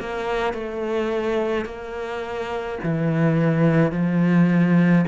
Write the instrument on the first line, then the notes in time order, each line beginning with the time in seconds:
cello
0.00 A#3
0.54 A3
1.65 A#3
2.84 E3
3.92 F3